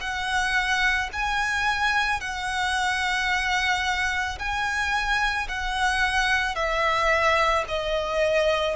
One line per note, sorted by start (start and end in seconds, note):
0.00 1.09 F#5
1.13 2.20 G#5
2.20 4.38 F#5
4.38 5.47 G#5
5.48 6.55 F#5
6.55 7.64 E5
7.68 8.76 D#5